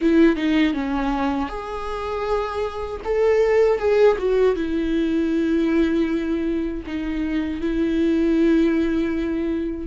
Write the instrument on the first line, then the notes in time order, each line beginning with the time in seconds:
viola
0.01 E4
0.36 D#4
0.73 C#4
1.48 G#4
3.04 A4
3.78 G#4
4.18 F#4
4.55 E4
6.86 D#4
7.60 E4